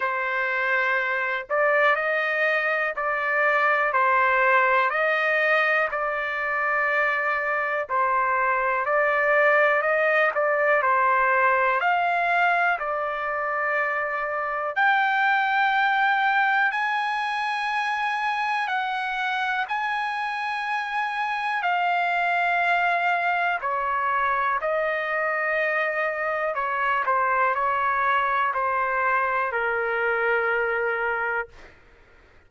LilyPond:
\new Staff \with { instrumentName = "trumpet" } { \time 4/4 \tempo 4 = 61 c''4. d''8 dis''4 d''4 | c''4 dis''4 d''2 | c''4 d''4 dis''8 d''8 c''4 | f''4 d''2 g''4~ |
g''4 gis''2 fis''4 | gis''2 f''2 | cis''4 dis''2 cis''8 c''8 | cis''4 c''4 ais'2 | }